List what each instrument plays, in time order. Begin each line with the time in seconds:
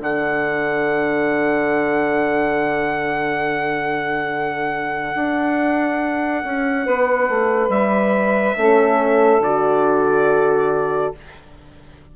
0.00 bassoon D3, horn D4, saxophone A4, trumpet F#5
5.15 bassoon D4
6.44 bassoon C#4
6.85 bassoon B3, saxophone B4
7.29 bassoon A3
7.69 bassoon G3, trumpet E5
8.56 bassoon A3, horn C#4, saxophone A4
9.39 bassoon D3, horn F#4, trumpet D5